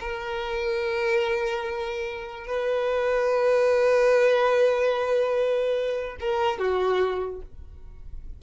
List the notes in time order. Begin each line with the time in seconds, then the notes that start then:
0.00 A#4
2.47 B4
6.20 A#4
6.59 F#4